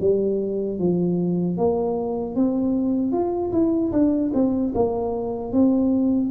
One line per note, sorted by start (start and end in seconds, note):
0.00 0.79 G3
0.79 1.57 F3
1.57 2.35 A#3
2.35 3.12 C4
3.12 3.51 F4
3.52 3.92 E4
3.92 4.31 D4
4.33 4.73 C4
4.74 5.53 A#3
5.53 6.30 C4